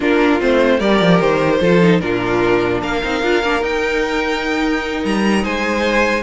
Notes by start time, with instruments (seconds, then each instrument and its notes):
0.00 cello A#3, viola D4, violin F4 A#4
0.40 cello A3, viola C4, violin C5
0.78 cello G3, viola G4, violin A#4 D5
1.01 cello F3
1.19 cello D#3, violin C5
1.60 cello F3, viola F4, violin A4
1.81 viola D#4
2.00 cello A#2, viola D4, violin F4 A#4
2.81 cello A#3, violin A#4 F5
3.03 cello C4, viola D#4
3.22 cello D4, viola F4
3.43 cello A#3, viola D4
3.61 viola D#4, cello D#4, violin G5
5.04 cello G3, violin A#5
5.43 cello G#3, violin C5 G#5